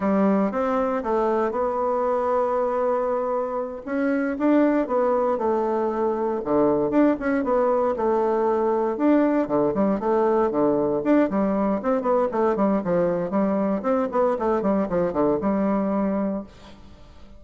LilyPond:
\new Staff \with { instrumentName = "bassoon" } { \time 4/4 \tempo 4 = 117 g4 c'4 a4 b4~ | b2.~ b8 cis'8~ | cis'8 d'4 b4 a4.~ | a8 d4 d'8 cis'8 b4 a8~ |
a4. d'4 d8 g8 a8~ | a8 d4 d'8 g4 c'8 b8 | a8 g8 f4 g4 c'8 b8 | a8 g8 f8 d8 g2 | }